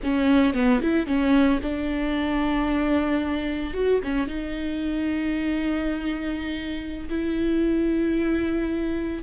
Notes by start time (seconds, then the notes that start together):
0.03 C#4
0.53 B3
0.81 E4
1.06 C#4
1.62 D4
3.73 F#4
4.03 C#4
4.27 D#4
7.09 E4